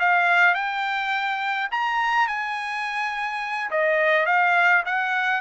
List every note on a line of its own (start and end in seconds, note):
0.00 0.55 F5
0.55 1.69 G5
1.71 2.28 A#5
2.28 3.71 G#5
3.71 4.26 D#5
4.26 4.83 F5
4.86 5.41 F#5